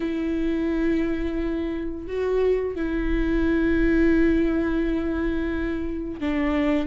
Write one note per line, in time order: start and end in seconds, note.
0.00 2.07 E4
2.07 2.75 F#4
2.75 6.20 E4
6.20 6.87 D4